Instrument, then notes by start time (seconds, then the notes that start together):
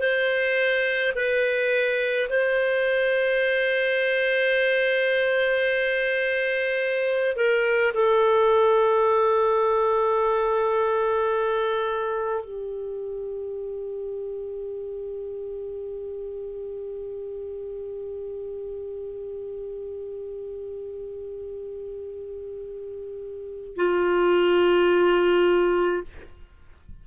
clarinet
0.00 C5
1.16 B4
2.30 C5
7.36 A#4
7.94 A4
12.45 G4
23.76 F4